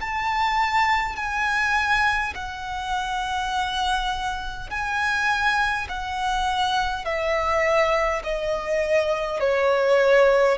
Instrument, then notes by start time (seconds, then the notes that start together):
violin
0.00 A5
1.16 G#5
2.34 F#5
4.70 G#5
5.89 F#5
7.05 E5
8.23 D#5
9.40 C#5